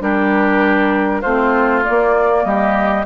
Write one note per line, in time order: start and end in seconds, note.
0.00 1.23 G3
0.00 1.22 D4
0.00 1.21 G4
0.00 1.21 A#4
1.21 1.85 A3
1.21 1.83 C4
1.21 2.43 F4
1.21 1.83 C5
1.83 3.05 A#3
1.83 2.44 D5
1.89 2.45 A#3
2.44 3.06 G3
2.44 3.06 G4
2.44 3.05 D#5